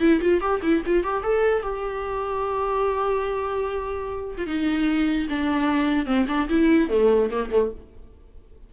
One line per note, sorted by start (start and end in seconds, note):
0.00 0.20 E4
0.21 0.41 F4
0.41 0.61 G4
0.62 0.83 E4
0.86 1.04 F4
1.04 1.23 G4
1.23 1.63 A4
1.63 4.36 G4
4.38 4.46 F4
4.46 5.27 D#4
5.29 6.06 D4
6.06 6.26 C4
6.28 6.48 D4
6.49 6.89 E4
6.89 7.30 A3
7.30 7.51 A#3
7.51 7.71 A3